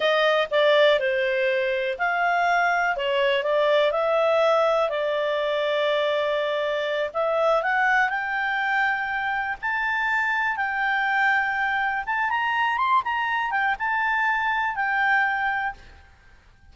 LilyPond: \new Staff \with { instrumentName = "clarinet" } { \time 4/4 \tempo 4 = 122 dis''4 d''4 c''2 | f''2 cis''4 d''4 | e''2 d''2~ | d''2~ d''8 e''4 fis''8~ |
fis''8 g''2. a''8~ | a''4. g''2~ g''8~ | g''8 a''8 ais''4 c'''8 ais''4 g''8 | a''2 g''2 | }